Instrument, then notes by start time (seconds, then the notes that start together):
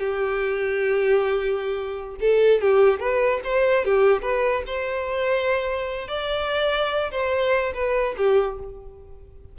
violin
0.00 G4
2.21 A4
2.62 G4
3.00 B4
3.44 C5
3.85 G4
4.22 B4
4.67 C5
6.08 D5
7.12 C5
7.74 B4
8.18 G4